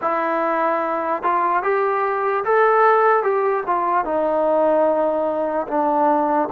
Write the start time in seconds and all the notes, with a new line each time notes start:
0.01 E4
1.22 F4
1.62 G4
2.44 A4
3.23 G4
3.66 F4
4.04 D#4
5.68 D4